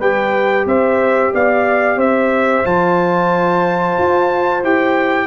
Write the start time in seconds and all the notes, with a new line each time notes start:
0.00 G3 G4 B4 G5
0.66 C4 C5 E5
1.34 B3 D5 F5
1.97 C4 C5 E5
2.65 F3 F4 A5
3.99 F4
4.63 E4 G4 G5